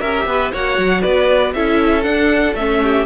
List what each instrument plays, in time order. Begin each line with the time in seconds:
0.00 cello C#4, viola G4, violin A#4 E5
0.26 cello B3, violin B4
0.52 cello A#3, viola F#4, violin C#5 F#5
0.78 cello F#3
1.02 cello B3, violin B4 D5
1.54 cello C#4, viola E4, violin A4 E5
2.03 viola D4, cello D4, violin F#5
2.54 cello A3, viola C#4, violin E5
2.83 violin G4